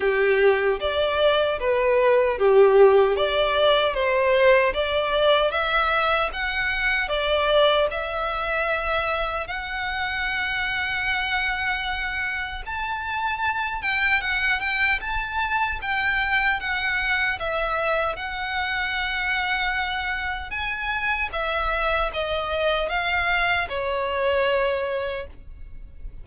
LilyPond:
\new Staff \with { instrumentName = "violin" } { \time 4/4 \tempo 4 = 76 g'4 d''4 b'4 g'4 | d''4 c''4 d''4 e''4 | fis''4 d''4 e''2 | fis''1 |
a''4. g''8 fis''8 g''8 a''4 | g''4 fis''4 e''4 fis''4~ | fis''2 gis''4 e''4 | dis''4 f''4 cis''2 | }